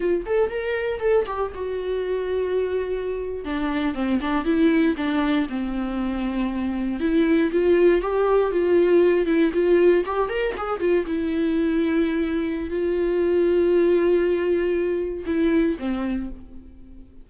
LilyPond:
\new Staff \with { instrumentName = "viola" } { \time 4/4 \tempo 4 = 118 f'8 a'8 ais'4 a'8 g'8 fis'4~ | fis'2~ fis'8. d'4 c'16~ | c'16 d'8 e'4 d'4 c'4~ c'16~ | c'4.~ c'16 e'4 f'4 g'16~ |
g'8. f'4. e'8 f'4 g'16~ | g'16 ais'8 gis'8 f'8 e'2~ e'16~ | e'4 f'2.~ | f'2 e'4 c'4 | }